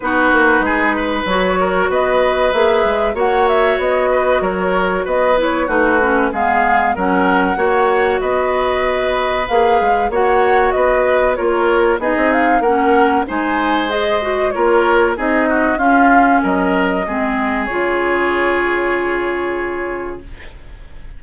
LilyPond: <<
  \new Staff \with { instrumentName = "flute" } { \time 4/4 \tempo 4 = 95 b'2 cis''4 dis''4 | e''4 fis''8 e''8 dis''4 cis''4 | dis''8 cis''8 b'4 f''4 fis''4~ | fis''4 dis''2 f''4 |
fis''4 dis''4 cis''4 dis''8 f''8 | fis''4 gis''4 dis''4 cis''4 | dis''4 f''4 dis''2 | cis''1 | }
  \new Staff \with { instrumentName = "oboe" } { \time 4/4 fis'4 gis'8 b'4 ais'8 b'4~ | b'4 cis''4. b'8 ais'4 | b'4 fis'4 gis'4 ais'4 | cis''4 b'2. |
cis''4 b'4 ais'4 gis'4 | ais'4 c''2 ais'4 | gis'8 fis'8 f'4 ais'4 gis'4~ | gis'1 | }
  \new Staff \with { instrumentName = "clarinet" } { \time 4/4 dis'2 fis'2 | gis'4 fis'2.~ | fis'8 e'8 dis'8 cis'8 b4 cis'4 | fis'2. gis'4 |
fis'2 f'4 dis'4 | cis'4 dis'4 gis'8 fis'8 f'4 | dis'4 cis'2 c'4 | f'1 | }
  \new Staff \with { instrumentName = "bassoon" } { \time 4/4 b8 ais8 gis4 fis4 b4 | ais8 gis8 ais4 b4 fis4 | b4 a4 gis4 fis4 | ais4 b2 ais8 gis8 |
ais4 b4 ais4 b16 c'8. | ais4 gis2 ais4 | c'4 cis'4 fis4 gis4 | cis1 | }
>>